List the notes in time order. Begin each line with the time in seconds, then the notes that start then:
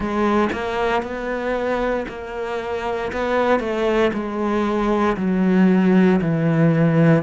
0.00 G#3
0.53 A#3
1.02 B3
2.08 A#3
3.12 B3
3.59 A3
4.13 G#3
5.16 F#3
6.21 E3